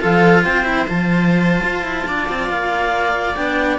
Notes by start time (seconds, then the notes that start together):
0.00 F3 F4 A4 F5
0.44 C4 C5 G5
0.64 E4
0.88 F3 F4 A5
1.62 F4
1.83 E4
2.07 D4 D5
2.29 C4
2.49 A#3 F5
3.35 B3 D4 G5